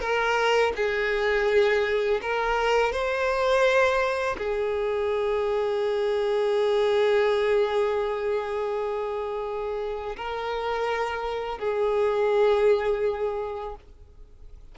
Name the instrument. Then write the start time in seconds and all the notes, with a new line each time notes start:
violin
0.00 A#4
0.76 G#4
2.21 A#4
2.92 C5
4.38 G#4
10.16 A#4
11.58 G#4